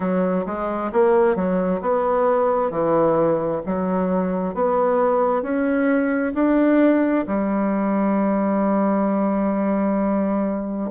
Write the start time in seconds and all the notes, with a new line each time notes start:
0.00 F#3
0.45 G#3
0.92 A#3
1.35 F#3
1.81 B3
2.70 E3
3.66 F#3
4.54 B3
5.42 C#4
6.34 D4
7.27 G3